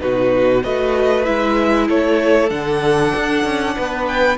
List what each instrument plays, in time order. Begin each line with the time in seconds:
0.00 cello B2, viola D#4, violin F#4 B4
0.63 cello A3, viola F#4, violin B4 D#5
1.25 cello G#3, viola E4, violin E5
1.88 cello A3, violin A4 C#5
2.50 cello D3, viola D4, violin F#5
3.15 cello D4
3.45 cello C#4
3.76 cello B3, violin B4
4.08 violin G5